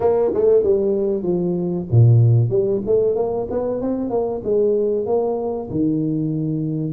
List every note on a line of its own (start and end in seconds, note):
0.00 0.31 A#3
0.34 0.63 A3
0.63 1.22 G3
1.22 1.85 F3
1.91 2.49 A#2
2.49 2.81 G3
2.86 3.15 A3
3.15 3.47 A#3
3.50 3.81 B3
3.81 4.09 C4
4.09 4.41 A#3
4.44 5.06 G#3
5.06 5.69 A#3
5.70 6.92 D#3